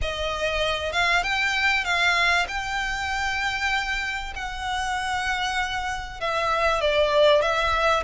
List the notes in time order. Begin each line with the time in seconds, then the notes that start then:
0.01 D#5
0.92 F5
1.23 G5
1.84 F5
2.47 G5
4.35 F#5
6.20 E5
6.80 D5
7.41 E5